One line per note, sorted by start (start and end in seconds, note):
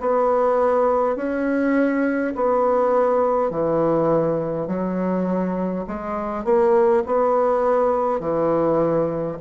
0.00 1.16 B3
1.16 2.34 C#4
2.35 3.50 B3
3.50 4.67 E3
4.67 5.85 F#3
5.87 6.44 G#3
6.44 7.03 A#3
7.06 8.20 B3
8.20 9.37 E3